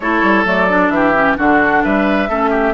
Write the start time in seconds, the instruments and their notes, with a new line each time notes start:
0.00 bassoon A3, clarinet E4, oboe A4, flute C#5
0.22 bassoon G3
0.45 bassoon F#3, clarinet A3, flute D5
0.69 clarinet D4
0.89 bassoon E3, oboe G4, flute E5
1.14 clarinet C#4
1.37 bassoon D3, clarinet D4, oboe F#4, flute F#5
1.83 bassoon G3, oboe B4, flute E5
2.28 bassoon A3, clarinet C#4, oboe A4
2.50 oboe G4